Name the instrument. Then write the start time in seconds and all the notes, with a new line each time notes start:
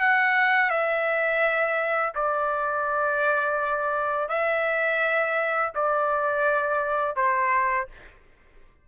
trumpet
0.00 F#5
0.70 E5
2.15 D5
4.29 E5
5.75 D5
7.16 C5